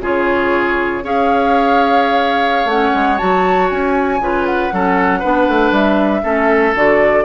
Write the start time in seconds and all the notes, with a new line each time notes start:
0.00 C#3 F4 G#4 C#5
1.03 C#4 G#4 C#5 F5
2.65 A3 C#4 F#5
2.94 G#3
3.17 F#3 F#4 A5
3.70 C#4 G#5
4.19 C#3 F4 B4
4.46 F#5
4.73 F#3 C#4 A4
5.19 B3 D4 B4
5.48 A3
5.71 G3 E5
6.23 A3 C#4 A4
6.75 D3 F#4 D5